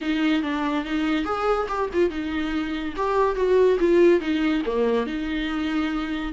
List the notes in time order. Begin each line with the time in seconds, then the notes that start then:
0.01 D#4
0.42 D4
0.85 D#4
1.24 G#4
1.68 G4
1.93 F4
2.10 D#4
2.96 G4
3.35 F#4
3.79 F4
4.20 D#4
4.65 A#3
5.06 D#4